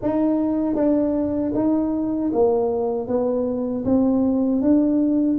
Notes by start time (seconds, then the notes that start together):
0.02 D#4
0.75 D4
1.54 D#4
2.33 A#3
3.07 B3
3.84 C4
4.61 D4